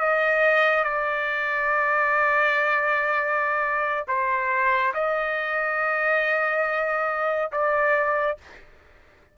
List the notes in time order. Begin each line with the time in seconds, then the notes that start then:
0.00 D#5
0.84 D5
4.08 C5
4.94 D#5
7.52 D5